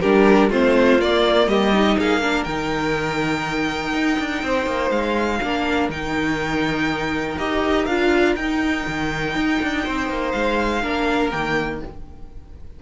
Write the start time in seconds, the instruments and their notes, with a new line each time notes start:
0.00 cello G3, viola D4, violin G4 A#4
0.49 cello A3, viola C4, violin F4 C5
0.99 cello A#3, viola A#3, violin D5
1.47 cello G3, violin G4 D#5
1.73 viola D#4
1.98 cello A#3, violin G#4 F5
2.22 viola D4, violin A#4
2.44 cello D#3, viola D#4, violin G5
3.93 cello D#4
4.19 cello D4
4.43 cello C4, violin C5
4.66 cello A#3
4.90 cello G#3, violin F5
5.42 cello A#3, viola D4, violin A#4
5.89 cello D#3, viola D#4, violin G5
7.38 cello D#4, viola G4, violin D#5
7.86 cello D4, viola F4, violin F5
8.36 cello D#4, viola D#4, violin G5
8.87 cello D#3
9.35 cello D#4
9.62 cello D4
9.84 cello C4, violin C5
10.09 cello A#3
10.31 cello G#3, violin F5
10.82 cello A#3, viola D4, violin A#4
11.31 cello D#3, viola A#3, violin G5